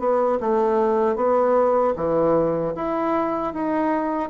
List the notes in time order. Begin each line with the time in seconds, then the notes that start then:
0.00 B3
0.41 A3
1.17 B3
1.97 E3
2.76 E4
3.54 D#4